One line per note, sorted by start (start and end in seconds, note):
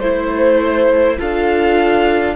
0.00 1.18 A3
0.00 1.19 E4
0.00 1.18 C5
0.00 1.19 C5
1.19 2.36 D4
1.19 2.36 F4
1.19 2.36 A4
1.19 2.36 F5